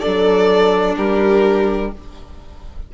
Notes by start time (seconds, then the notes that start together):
0.00 D4 A4 D5
0.06 F#3
0.96 G3 G4 A#4